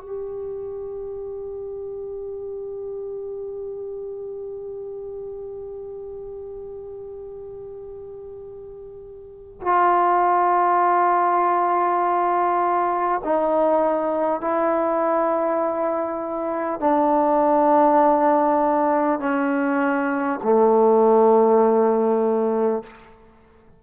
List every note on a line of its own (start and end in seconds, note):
0.00 9.60 G4
9.61 13.21 F4
13.23 14.41 D#4
14.41 16.79 E4
16.79 19.19 D4
19.19 20.39 C#4
20.43 22.83 A3